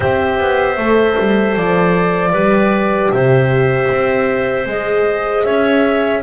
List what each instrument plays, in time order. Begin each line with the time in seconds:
0.00 double bass C4, horn G4, clarinet C5, flute E5
0.39 double bass B3
0.77 double bass A3, horn A4
1.19 double bass G3
1.56 double bass F3, flute D5
2.32 double bass G3, horn G4, clarinet B4
3.11 double bass C3, clarinet C5, flute E5
3.91 double bass C4
4.66 double bass G#3, horn G#4, flute D#5
5.44 double bass C#4, clarinet C#5, flute E5